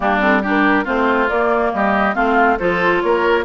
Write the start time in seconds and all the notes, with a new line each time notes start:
0.00 G3 A#3 D4 G4
0.21 C4 A4
0.42 D4 G4
0.48 A#4
0.84 A3 C4 F4 C5
1.29 A#3 D5
1.73 G3 G4 D#5
2.14 A3 C4 F4 F5
2.58 F3 F4 A4 C5
3.01 A#3 A#4 C#5